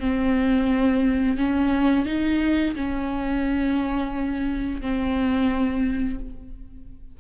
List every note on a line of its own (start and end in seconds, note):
0.00 1.38 C4
1.38 2.06 C#4
2.06 2.75 D#4
2.75 4.82 C#4
4.82 6.19 C4